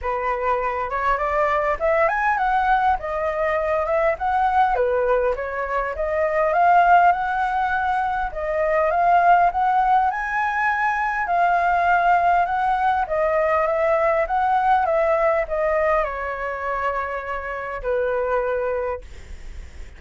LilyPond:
\new Staff \with { instrumentName = "flute" } { \time 4/4 \tempo 4 = 101 b'4. cis''8 d''4 e''8 gis''8 | fis''4 dis''4. e''8 fis''4 | b'4 cis''4 dis''4 f''4 | fis''2 dis''4 f''4 |
fis''4 gis''2 f''4~ | f''4 fis''4 dis''4 e''4 | fis''4 e''4 dis''4 cis''4~ | cis''2 b'2 | }